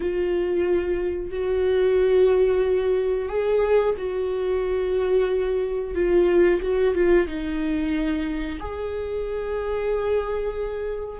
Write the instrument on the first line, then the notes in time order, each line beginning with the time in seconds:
viola
0.00 F4
1.30 F#4
3.28 G#4
3.97 F#4
5.94 F4
6.61 F#4
6.94 F4
7.27 D#4
8.59 G#4